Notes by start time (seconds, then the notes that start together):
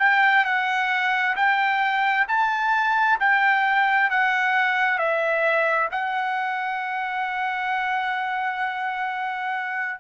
0.00 G5
0.45 F#5
1.36 G5
2.29 A5
3.20 G5
4.11 F#5
4.99 E5
5.92 F#5